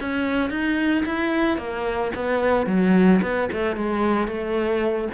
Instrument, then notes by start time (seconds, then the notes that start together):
cello
0.00 C#4
0.50 D#4
1.05 E4
1.57 A#3
2.15 B3
2.66 F#3
3.22 B3
3.52 A3
3.76 G#3
4.27 A3